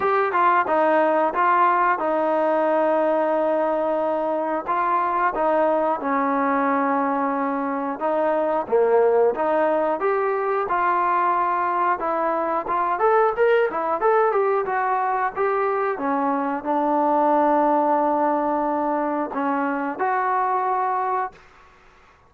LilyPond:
\new Staff \with { instrumentName = "trombone" } { \time 4/4 \tempo 4 = 90 g'8 f'8 dis'4 f'4 dis'4~ | dis'2. f'4 | dis'4 cis'2. | dis'4 ais4 dis'4 g'4 |
f'2 e'4 f'8 a'8 | ais'8 e'8 a'8 g'8 fis'4 g'4 | cis'4 d'2.~ | d'4 cis'4 fis'2 | }